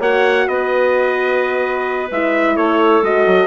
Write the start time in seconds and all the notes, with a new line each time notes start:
0.00 A#3 F#4 C#5 F#5
0.48 B3 B4 D#5
2.11 G#3 E4 E5
2.56 A3 A4 C#5
3.03 G#3 F#4 D#5
3.27 F#3